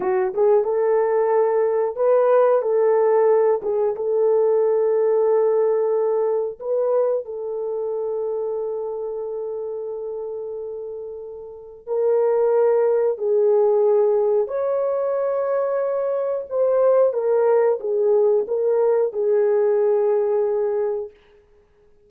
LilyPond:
\new Staff \with { instrumentName = "horn" } { \time 4/4 \tempo 4 = 91 fis'8 gis'8 a'2 b'4 | a'4. gis'8 a'2~ | a'2 b'4 a'4~ | a'1~ |
a'2 ais'2 | gis'2 cis''2~ | cis''4 c''4 ais'4 gis'4 | ais'4 gis'2. | }